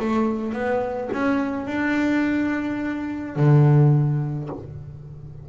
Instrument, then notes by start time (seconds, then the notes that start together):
double bass
0.00 A3
0.53 B3
1.13 C#4
1.67 D4
3.37 D3